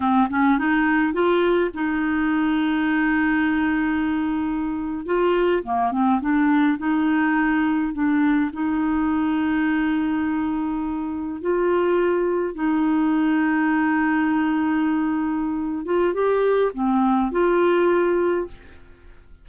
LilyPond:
\new Staff \with { instrumentName = "clarinet" } { \time 4/4 \tempo 4 = 104 c'8 cis'8 dis'4 f'4 dis'4~ | dis'1~ | dis'8. f'4 ais8 c'8 d'4 dis'16~ | dis'4.~ dis'16 d'4 dis'4~ dis'16~ |
dis'2.~ dis'8. f'16~ | f'4.~ f'16 dis'2~ dis'16~ | dis'2.~ dis'8 f'8 | g'4 c'4 f'2 | }